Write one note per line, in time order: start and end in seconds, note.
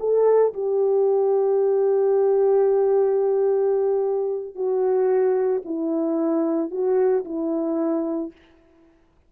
0.00 0.54 A4
0.54 4.55 G4
4.55 5.62 F#4
5.65 6.71 E4
6.71 7.25 F#4
7.25 8.32 E4